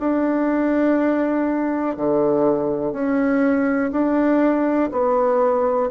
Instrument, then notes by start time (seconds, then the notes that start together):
bassoon
0.00 D4
1.97 D3
2.93 C#4
3.92 D4
4.92 B3